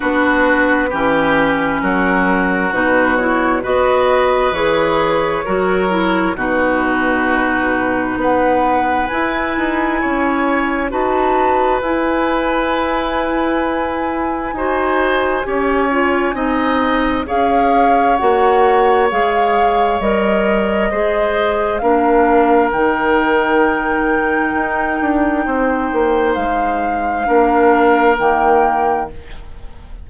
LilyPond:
<<
  \new Staff \with { instrumentName = "flute" } { \time 4/4 \tempo 4 = 66 b'2 ais'4 b'8 cis''8 | dis''4 cis''2 b'4~ | b'4 fis''4 gis''2 | a''4 gis''2.~ |
gis''2. f''4 | fis''4 f''4 dis''2 | f''4 g''2.~ | g''4 f''2 g''4 | }
  \new Staff \with { instrumentName = "oboe" } { \time 4/4 fis'4 g'4 fis'2 | b'2 ais'4 fis'4~ | fis'4 b'2 cis''4 | b'1 |
c''4 cis''4 dis''4 cis''4~ | cis''2. c''4 | ais'1 | c''2 ais'2 | }
  \new Staff \with { instrumentName = "clarinet" } { \time 4/4 d'4 cis'2 dis'8 e'8 | fis'4 gis'4 fis'8 e'8 dis'4~ | dis'2 e'2 | fis'4 e'2. |
fis'4 g'8 f'8 dis'4 gis'4 | fis'4 gis'4 ais'4 gis'4 | d'4 dis'2.~ | dis'2 d'4 ais4 | }
  \new Staff \with { instrumentName = "bassoon" } { \time 4/4 b4 e4 fis4 b,4 | b4 e4 fis4 b,4~ | b,4 b4 e'8 dis'8 cis'4 | dis'4 e'2. |
dis'4 cis'4 c'4 cis'4 | ais4 gis4 g4 gis4 | ais4 dis2 dis'8 d'8 | c'8 ais8 gis4 ais4 dis4 | }
>>